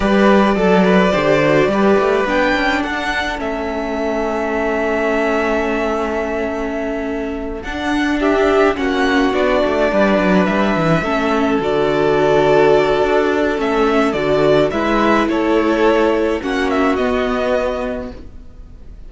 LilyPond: <<
  \new Staff \with { instrumentName = "violin" } { \time 4/4 \tempo 4 = 106 d''1 | g''4 fis''4 e''2~ | e''1~ | e''4. fis''4 e''4 fis''8~ |
fis''8 d''2 e''4.~ | e''8 d''2.~ d''8 | e''4 d''4 e''4 cis''4~ | cis''4 fis''8 e''8 dis''2 | }
  \new Staff \with { instrumentName = "violin" } { \time 4/4 b'4 a'8 b'8 c''4 b'4~ | b'4 a'2.~ | a'1~ | a'2~ a'8 g'4 fis'8~ |
fis'4. b'2 a'8~ | a'1~ | a'2 b'4 a'4~ | a'4 fis'2. | }
  \new Staff \with { instrumentName = "viola" } { \time 4/4 g'4 a'4 g'8 fis'8 g'4 | d'2 cis'2~ | cis'1~ | cis'4. d'2 cis'8~ |
cis'8 d'2. cis'8~ | cis'8 fis'2.~ fis'8 | cis'4 fis'4 e'2~ | e'4 cis'4 b2 | }
  \new Staff \with { instrumentName = "cello" } { \time 4/4 g4 fis4 d4 g8 a8 | b8 cis'8 d'4 a2~ | a1~ | a4. d'2 ais8~ |
ais8 b8 a8 g8 fis8 g8 e8 a8~ | a8 d2~ d8 d'4 | a4 d4 gis4 a4~ | a4 ais4 b2 | }
>>